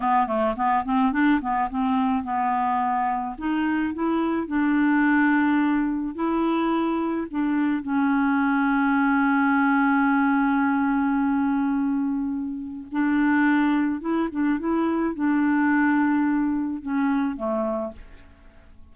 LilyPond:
\new Staff \with { instrumentName = "clarinet" } { \time 4/4 \tempo 4 = 107 b8 a8 b8 c'8 d'8 b8 c'4 | b2 dis'4 e'4 | d'2. e'4~ | e'4 d'4 cis'2~ |
cis'1~ | cis'2. d'4~ | d'4 e'8 d'8 e'4 d'4~ | d'2 cis'4 a4 | }